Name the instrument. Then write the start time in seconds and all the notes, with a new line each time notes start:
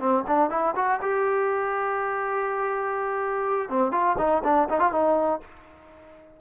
trombone
0.00 C4
0.27 D4
0.50 E4
0.76 F#4
1.02 G4
3.69 C4
3.92 F4
4.18 D#4
4.44 D4
4.69 D#4
4.80 F4
4.92 D#4